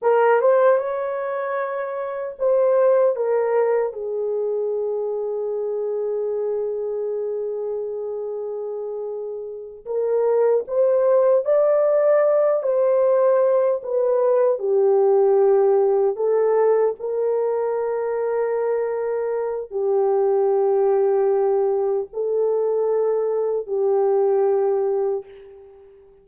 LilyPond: \new Staff \with { instrumentName = "horn" } { \time 4/4 \tempo 4 = 76 ais'8 c''8 cis''2 c''4 | ais'4 gis'2.~ | gis'1~ | gis'8 ais'4 c''4 d''4. |
c''4. b'4 g'4.~ | g'8 a'4 ais'2~ ais'8~ | ais'4 g'2. | a'2 g'2 | }